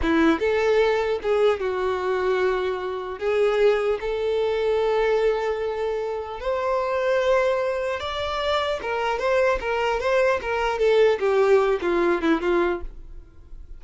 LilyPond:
\new Staff \with { instrumentName = "violin" } { \time 4/4 \tempo 4 = 150 e'4 a'2 gis'4 | fis'1 | gis'2 a'2~ | a'1 |
c''1 | d''2 ais'4 c''4 | ais'4 c''4 ais'4 a'4 | g'4. f'4 e'8 f'4 | }